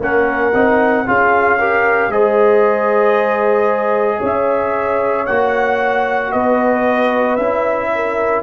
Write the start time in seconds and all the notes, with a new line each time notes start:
0.00 A#3 C#4 A#4 F#5
0.53 C4 D#4
1.06 C#4 F4 G#4 F5
1.59 G4 A#4
2.09 G#3 G#4 C5 D#5
4.20 C#4 C#5 E5
5.27 A#3 F#4 F#5
6.32 B3 B4 D#5
7.36 C#4 E4 E5
7.95 A#4